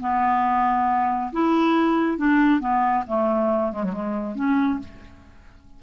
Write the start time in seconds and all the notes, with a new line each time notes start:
0.00 B3
1.32 E4
2.17 D4
2.60 B3
3.07 A3
3.72 G#3
3.83 F#3
3.93 G#3
4.35 C#4